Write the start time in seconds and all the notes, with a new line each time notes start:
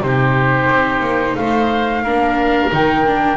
0.00 C3 D#4 C5
0.06 G4
0.69 C4
1.00 A#3
1.35 A3 C5 F5
2.03 A#3 D4 A#4
2.71 D#3 D#4 G5
3.06 D4